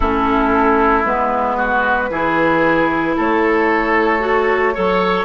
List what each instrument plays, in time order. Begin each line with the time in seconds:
0.00 bassoon A3, clarinet C#4, oboe E4, flute A4
1.05 bassoon G#3, clarinet B3, flute B4
1.56 oboe F#4
2.09 bassoon E3, clarinet E4, oboe G#4
3.16 bassoon A3, oboe A4, flute C#5
4.20 clarinet F#4
4.74 bassoon F#3, clarinet A4, oboe C#5